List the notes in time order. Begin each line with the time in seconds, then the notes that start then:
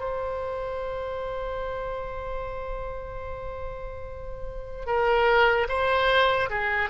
0.00 C5
4.86 A#4
5.69 C5
6.50 G#4